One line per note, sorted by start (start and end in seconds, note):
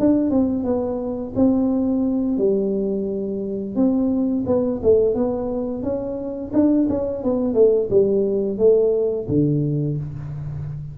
0.00 0.31 D4
0.31 0.65 C4
0.65 1.34 B3
1.36 2.38 C4
2.38 3.76 G3
3.76 4.45 C4
4.47 4.81 B3
4.83 5.15 A3
5.15 5.83 B3
5.83 6.52 C#4
6.54 6.88 D4
6.90 7.24 C#4
7.24 7.55 B3
7.55 7.89 A3
7.90 8.59 G3
8.59 9.28 A3
9.29 9.98 D3